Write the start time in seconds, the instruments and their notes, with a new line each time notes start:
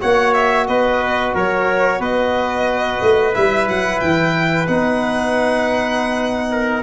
0.00 tuba A#3, trombone F#4, trumpet C#5, violin F#5
0.33 violin E5
0.67 tuba B3, trumpet B4, violin D#5
1.34 tuba F#3, trumpet A#4, violin C#5
1.99 tuba B3, trumpet B4, violin D#5
3.02 tuba A3
3.33 tuba G3, trombone E4, violin E5
3.68 tuba F#3, violin F#5
3.99 tuba E3, violin G5
4.66 tuba B3, trombone D#4, violin F#5
6.51 trumpet A#4